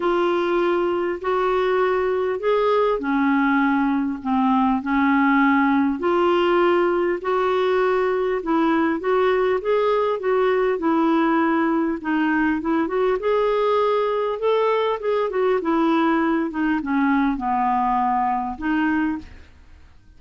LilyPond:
\new Staff \with { instrumentName = "clarinet" } { \time 4/4 \tempo 4 = 100 f'2 fis'2 | gis'4 cis'2 c'4 | cis'2 f'2 | fis'2 e'4 fis'4 |
gis'4 fis'4 e'2 | dis'4 e'8 fis'8 gis'2 | a'4 gis'8 fis'8 e'4. dis'8 | cis'4 b2 dis'4 | }